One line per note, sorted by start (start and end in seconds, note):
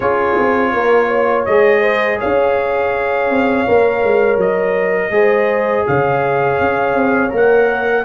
0.00 0.37 C#4
0.00 1.47 F4
0.00 0.72 G#4
0.00 1.44 C#5
0.38 0.73 C4
0.73 1.46 A#3
0.73 1.07 A#4
1.07 1.80 C#5
1.45 2.20 G#3
1.45 3.66 G#4
1.45 2.18 D#5
1.80 2.17 C5
2.18 3.30 C#4
2.18 5.11 C#5
2.18 4.39 F5
3.30 3.66 C4
3.66 4.03 A#3
3.66 5.11 A#4
4.03 4.37 G#3
4.37 5.10 F#3
4.37 5.86 D#5
5.10 5.83 G#3
5.10 7.29 G#4
5.10 5.86 C5
5.87 6.60 C#3
5.87 8.04 C#5
5.87 7.33 F5
6.60 6.93 C#4
6.93 7.30 C4
7.29 8.04 A#3
7.29 8.02 A#4
7.36 8.04 F#5